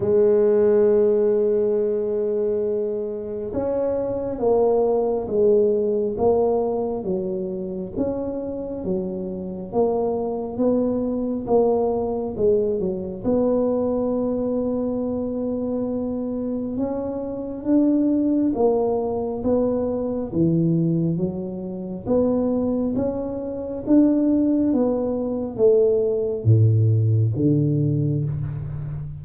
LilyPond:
\new Staff \with { instrumentName = "tuba" } { \time 4/4 \tempo 4 = 68 gis1 | cis'4 ais4 gis4 ais4 | fis4 cis'4 fis4 ais4 | b4 ais4 gis8 fis8 b4~ |
b2. cis'4 | d'4 ais4 b4 e4 | fis4 b4 cis'4 d'4 | b4 a4 a,4 d4 | }